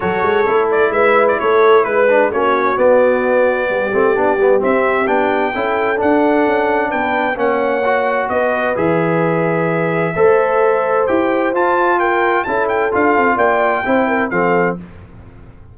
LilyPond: <<
  \new Staff \with { instrumentName = "trumpet" } { \time 4/4 \tempo 4 = 130 cis''4. d''8 e''8. d''16 cis''4 | b'4 cis''4 d''2~ | d''2 e''4 g''4~ | g''4 fis''2 g''4 |
fis''2 dis''4 e''4~ | e''1 | g''4 a''4 g''4 a''8 g''8 | f''4 g''2 f''4 | }
  \new Staff \with { instrumentName = "horn" } { \time 4/4 a'2 b'4 a'4 | b'4 fis'2. | g'1 | a'2. b'4 |
cis''2 b'2~ | b'2 c''2~ | c''2 ais'4 a'4~ | a'4 d''4 c''8 ais'8 a'4 | }
  \new Staff \with { instrumentName = "trombone" } { \time 4/4 fis'4 e'2.~ | e'8 d'8 cis'4 b2~ | b8 c'8 d'8 b8 c'4 d'4 | e'4 d'2. |
cis'4 fis'2 gis'4~ | gis'2 a'2 | g'4 f'2 e'4 | f'2 e'4 c'4 | }
  \new Staff \with { instrumentName = "tuba" } { \time 4/4 fis8 gis8 a4 gis4 a4 | gis4 ais4 b2 | g8 a8 b8 g8 c'4 b4 | cis'4 d'4 cis'4 b4 |
ais2 b4 e4~ | e2 a2 | e'4 f'2 cis'4 | d'8 c'8 ais4 c'4 f4 | }
>>